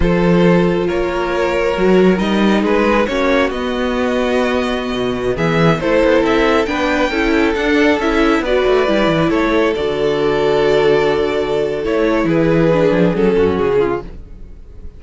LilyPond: <<
  \new Staff \with { instrumentName = "violin" } { \time 4/4 \tempo 4 = 137 c''2 cis''2~ | cis''4 dis''4 b'4 cis''4 | dis''1~ | dis''16 e''4 c''4 e''4 g''8.~ |
g''4~ g''16 fis''4 e''4 d''8.~ | d''4~ d''16 cis''4 d''4.~ d''16~ | d''2. cis''4 | b'2 a'4 gis'4 | }
  \new Staff \with { instrumentName = "violin" } { \time 4/4 a'2 ais'2~ | ais'2 gis'4 fis'4~ | fis'1~ | fis'16 gis'4 a'2 b'8.~ |
b'16 a'2. b'8.~ | b'4~ b'16 a'2~ a'8.~ | a'1 | gis'2~ gis'8 fis'4 f'8 | }
  \new Staff \with { instrumentName = "viola" } { \time 4/4 f'1 | fis'4 dis'2 cis'4 | b1~ | b4~ b16 e'2 d'8.~ |
d'16 e'4 d'4 e'4 fis'8.~ | fis'16 e'2 fis'4.~ fis'16~ | fis'2. e'4~ | e'4 d'4 cis'2 | }
  \new Staff \with { instrumentName = "cello" } { \time 4/4 f2 ais2 | fis4 g4 gis4 ais4 | b2.~ b16 b,8.~ | b,16 e4 a8 b8 c'4 b8.~ |
b16 cis'4 d'4 cis'4 b8 a16~ | a16 g8 e8 a4 d4.~ d16~ | d2. a4 | e4. f8 fis8 fis,8 cis4 | }
>>